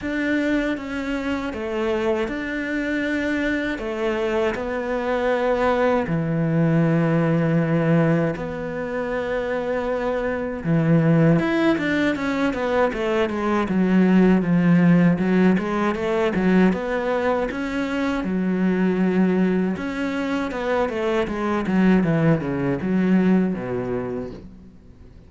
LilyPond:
\new Staff \with { instrumentName = "cello" } { \time 4/4 \tempo 4 = 79 d'4 cis'4 a4 d'4~ | d'4 a4 b2 | e2. b4~ | b2 e4 e'8 d'8 |
cis'8 b8 a8 gis8 fis4 f4 | fis8 gis8 a8 fis8 b4 cis'4 | fis2 cis'4 b8 a8 | gis8 fis8 e8 cis8 fis4 b,4 | }